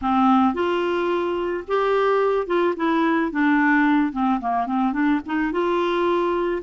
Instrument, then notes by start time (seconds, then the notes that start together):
clarinet
0.01 C4
0.54 F4
1.67 G4
2.46 F4
2.76 E4
3.31 D4
4.12 C4
4.40 A#3
4.66 C4
4.92 D4
5.26 D#4
5.52 F4